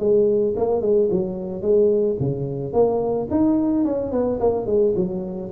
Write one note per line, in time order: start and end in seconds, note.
0.00 0.55 G#3
0.57 0.82 A#3
0.82 1.09 G#3
1.11 1.62 F#3
1.62 2.17 G#3
2.20 2.73 C#3
2.73 3.28 A#3
3.31 3.85 D#4
3.85 4.12 C#4
4.12 4.40 B3
4.40 4.66 A#3
4.66 4.94 G#3
4.96 5.51 F#3